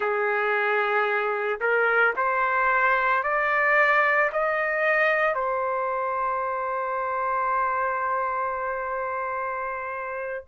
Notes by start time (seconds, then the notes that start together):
0.00 G#4
1.60 A#4
2.16 C5
3.23 D5
4.32 D#5
5.35 C5